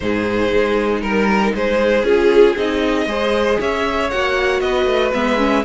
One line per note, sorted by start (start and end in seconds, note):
0.00 0.52 G#2
0.00 2.04 D#4
0.00 1.01 G#4
0.00 1.01 C5
0.52 1.02 G#3
1.01 1.53 G3
1.01 1.52 A#4
1.01 1.54 A#4
1.54 2.03 G#3
1.54 3.08 G#4
1.54 2.05 C5
2.03 2.54 C#4
2.03 2.56 F4
2.03 2.56 G#4
2.56 3.06 C4
2.56 3.07 D#4
2.56 3.60 D#5
3.06 3.57 G#3
3.06 4.10 G#4
3.06 3.59 C5
3.59 4.11 C#4
3.59 4.61 C#5
3.59 4.10 E5
4.10 4.61 A#3
4.10 5.13 F#4
4.10 4.60 F#5
4.60 4.85 B3
4.60 5.64 B4
4.60 5.11 D#5
4.85 5.11 A3
5.13 5.64 G#3
5.13 5.37 B3
5.13 5.64 E5
5.37 5.63 C#4